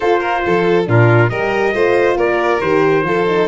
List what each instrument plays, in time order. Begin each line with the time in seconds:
0.00 horn F4, tuba F4, violin A4, trumpet C5
0.20 violin A#4
0.46 tuba F3, violin A4
0.86 tuba A#2, horn D4, violin F4, trumpet A#4
1.29 tuba G3, horn G4, violin A#4, trumpet D#5
1.74 tuba A3, horn F4, violin C5
2.16 tuba A#3, violin A#4, trumpet D5
2.61 tuba D#3, horn G4, trumpet C5
3.02 tuba F3, horn F4, violin A4
3.26 horn D#4